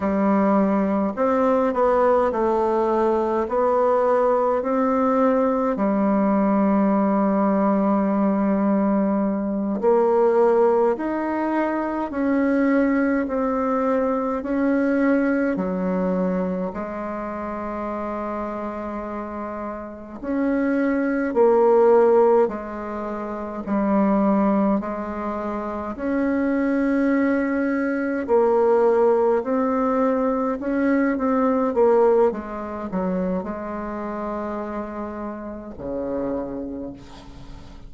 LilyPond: \new Staff \with { instrumentName = "bassoon" } { \time 4/4 \tempo 4 = 52 g4 c'8 b8 a4 b4 | c'4 g2.~ | g8 ais4 dis'4 cis'4 c'8~ | c'8 cis'4 fis4 gis4.~ |
gis4. cis'4 ais4 gis8~ | gis8 g4 gis4 cis'4.~ | cis'8 ais4 c'4 cis'8 c'8 ais8 | gis8 fis8 gis2 cis4 | }